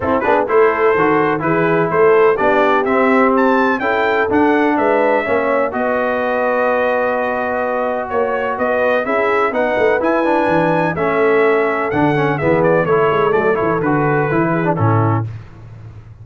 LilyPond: <<
  \new Staff \with { instrumentName = "trumpet" } { \time 4/4 \tempo 4 = 126 a'8 b'8 c''2 b'4 | c''4 d''4 e''4 a''4 | g''4 fis''4 e''2 | dis''1~ |
dis''4 cis''4 dis''4 e''4 | fis''4 gis''2 e''4~ | e''4 fis''4 e''8 d''8 cis''4 | d''8 cis''8 b'2 a'4 | }
  \new Staff \with { instrumentName = "horn" } { \time 4/4 e'8 gis'8 a'2 gis'4 | a'4 g'2. | a'2 b'4 cis''4 | b'1~ |
b'4 cis''4 b'4 gis'4 | b'2. a'4~ | a'2 gis'4 a'4~ | a'2~ a'8 gis'8 e'4 | }
  \new Staff \with { instrumentName = "trombone" } { \time 4/4 c'8 d'8 e'4 fis'4 e'4~ | e'4 d'4 c'2 | e'4 d'2 cis'4 | fis'1~ |
fis'2. e'4 | dis'4 e'8 d'4. cis'4~ | cis'4 d'8 cis'8 b4 e'4 | a8 e'8 fis'4 e'8. d'16 cis'4 | }
  \new Staff \with { instrumentName = "tuba" } { \time 4/4 c'8 b8 a4 dis4 e4 | a4 b4 c'2 | cis'4 d'4 gis4 ais4 | b1~ |
b4 ais4 b4 cis'4 | b8 a8 e'4 e4 a4~ | a4 d4 e4 a8 gis8 | fis8 e8 d4 e4 a,4 | }
>>